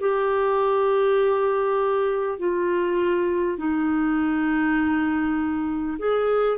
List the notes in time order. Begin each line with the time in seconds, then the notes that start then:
0.00 G4
2.38 F4
3.58 D#4
5.98 G#4